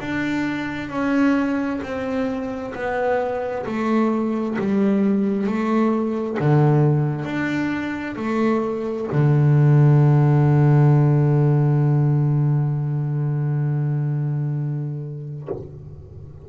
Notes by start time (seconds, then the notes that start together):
0.00 D4
0.89 C#4
1.83 C4
2.74 B3
3.66 A3
4.58 G3
5.46 A3
6.40 D3
7.25 D4
8.16 A3
9.12 D3